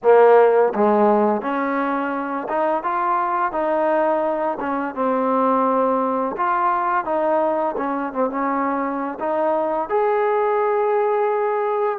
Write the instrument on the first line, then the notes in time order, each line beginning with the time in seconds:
trombone
0.02 A#3
0.74 G#3
1.41 C#4
2.49 D#4
2.83 F4
3.52 D#4
4.59 C#4
4.94 C4
6.36 F4
7.05 D#4
7.77 C#4
8.12 C4
8.30 C#4
9.19 D#4
9.89 G#4